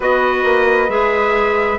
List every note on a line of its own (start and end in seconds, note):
0.00 0.43 B3
0.00 0.88 F#4
0.00 1.78 B4
0.00 0.90 D#5
0.43 0.88 A#3
0.88 1.78 G#3
0.88 1.78 G#4
0.88 1.78 E5